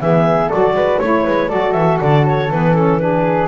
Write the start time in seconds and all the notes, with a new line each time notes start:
0.00 E3 B3 G#4 E5
0.48 F#3 F#4 A4 D5
0.73 G#3 B4
0.99 A3 E4 C#5
1.24 G#3 B4
1.48 F#3 F#4 A4 D5
1.72 E3 E5
2.00 D3 D5
2.26 C#5
2.49 E3 B3 B4
2.74 C#4 A4
2.99 D4 G#4 B4